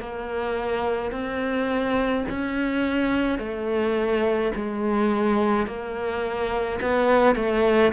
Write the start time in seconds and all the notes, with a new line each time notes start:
0.00 A#3
1.11 C4
2.29 C#4
3.39 A3
4.55 G#3
5.67 A#3
6.81 B3
7.35 A3